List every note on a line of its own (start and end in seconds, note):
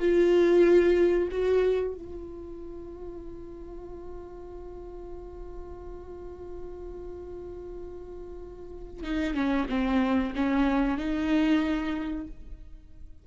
0.00 1.29 F4
1.31 1.95 F#4
1.95 9.04 F4
9.04 9.35 D#4
9.35 9.67 C#4
9.69 10.34 C4
10.36 10.98 C#4
10.98 12.27 D#4